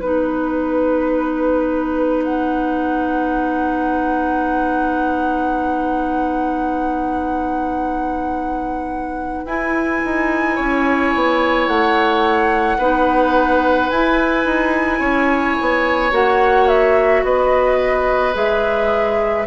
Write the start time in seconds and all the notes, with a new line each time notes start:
0.00 B3 D#4 B4
2.24 F#5
9.45 E4 G#5
10.05 D#4
10.56 C#4 C#5
11.15 B3
11.68 A3 F#5
12.78 B3 D#4 B4
13.90 E4 G#5
14.45 D#4
15.00 C#4 C#5
15.61 B3
16.11 A#3 F#4 F#5
16.68 E5
17.24 B3 B4 D#5
18.34 G#3 G#4 E5